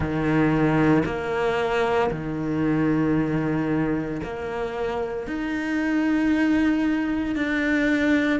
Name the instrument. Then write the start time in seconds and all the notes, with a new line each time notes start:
cello
0.00 D#3
1.05 A#3
2.11 D#3
4.23 A#3
5.27 D#4
7.35 D4